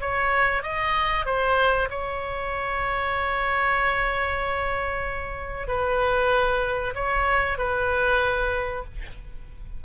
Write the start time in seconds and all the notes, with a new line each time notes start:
0.00 C#5
0.63 D#5
1.25 C5
1.89 C#5
5.67 B4
6.94 C#5
7.58 B4